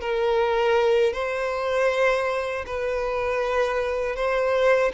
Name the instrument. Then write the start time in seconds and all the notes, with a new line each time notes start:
violin
0.00 A#4
1.13 C5
2.66 B4
4.15 C5